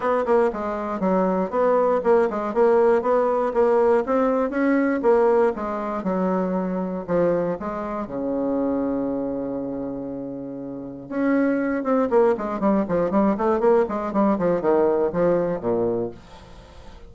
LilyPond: \new Staff \with { instrumentName = "bassoon" } { \time 4/4 \tempo 4 = 119 b8 ais8 gis4 fis4 b4 | ais8 gis8 ais4 b4 ais4 | c'4 cis'4 ais4 gis4 | fis2 f4 gis4 |
cis1~ | cis2 cis'4. c'8 | ais8 gis8 g8 f8 g8 a8 ais8 gis8 | g8 f8 dis4 f4 ais,4 | }